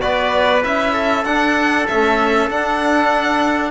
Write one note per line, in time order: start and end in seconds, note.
0.00 0.64 B3
0.00 0.62 F#4
0.00 0.93 B4
0.00 0.62 D5
0.62 1.24 C#4
0.62 1.24 E4
0.62 1.24 E5
0.93 3.70 A4
1.24 1.86 D4
1.24 1.89 D4
1.24 1.86 F#5
1.87 2.50 A3
1.87 2.49 C#4
1.87 2.49 E5
2.49 3.70 D4
2.49 3.70 F#5